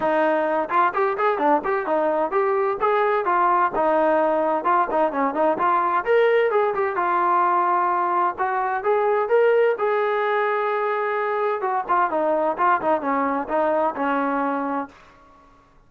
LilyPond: \new Staff \with { instrumentName = "trombone" } { \time 4/4 \tempo 4 = 129 dis'4. f'8 g'8 gis'8 d'8 g'8 | dis'4 g'4 gis'4 f'4 | dis'2 f'8 dis'8 cis'8 dis'8 | f'4 ais'4 gis'8 g'8 f'4~ |
f'2 fis'4 gis'4 | ais'4 gis'2.~ | gis'4 fis'8 f'8 dis'4 f'8 dis'8 | cis'4 dis'4 cis'2 | }